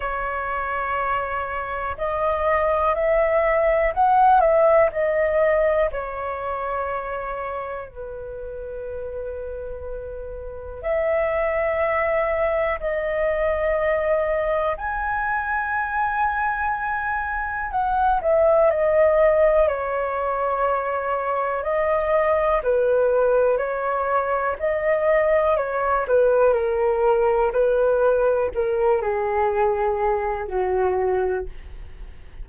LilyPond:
\new Staff \with { instrumentName = "flute" } { \time 4/4 \tempo 4 = 61 cis''2 dis''4 e''4 | fis''8 e''8 dis''4 cis''2 | b'2. e''4~ | e''4 dis''2 gis''4~ |
gis''2 fis''8 e''8 dis''4 | cis''2 dis''4 b'4 | cis''4 dis''4 cis''8 b'8 ais'4 | b'4 ais'8 gis'4. fis'4 | }